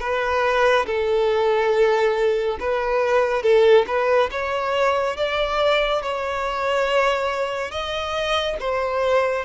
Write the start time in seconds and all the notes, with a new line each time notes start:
0.00 B4
0.86 A4
2.59 B4
3.42 A4
3.86 B4
4.31 C#5
5.16 D5
6.02 C#5
7.71 D#5
8.59 C5